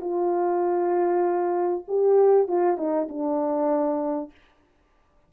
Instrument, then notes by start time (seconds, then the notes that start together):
horn
0.00 F4
1.88 G4
2.47 F4
2.77 D#4
3.08 D4